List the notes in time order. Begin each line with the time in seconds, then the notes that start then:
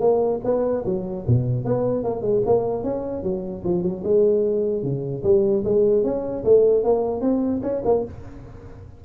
0.00 A#3
0.44 B3
0.85 F#3
1.27 B2
1.65 B3
2.03 A#3
2.22 G#3
2.45 A#3
2.83 C#4
3.23 F#3
3.64 F3
3.82 F#3
4.04 G#3
4.83 C#3
5.23 G3
5.64 G#3
6.03 C#4
6.44 A3
6.83 A#3
7.21 C4
7.62 C#4
7.84 A#3